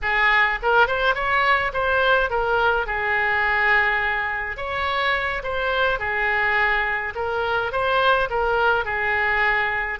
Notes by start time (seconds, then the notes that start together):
0.02 G#4
0.62 A#4
0.87 C5
1.14 C#5
1.73 C5
2.30 A#4
2.86 G#4
4.56 C#5
5.43 C5
5.99 G#4
7.15 A#4
7.71 C5
8.30 A#4
8.84 G#4